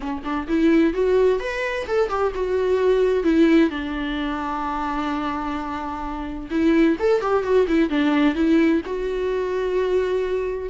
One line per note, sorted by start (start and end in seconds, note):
0.00 0.22 C#4
0.23 0.47 D4
0.48 0.93 E4
0.93 1.39 F#4
1.39 1.86 B4
1.87 2.09 A4
2.09 2.32 G4
2.34 3.23 F#4
3.23 3.70 E4
3.70 6.49 D4
6.50 6.96 E4
6.99 7.21 A4
7.21 7.43 G4
7.43 7.66 F#4
7.67 7.89 E4
7.89 8.34 D4
8.34 8.81 E4
8.85 10.69 F#4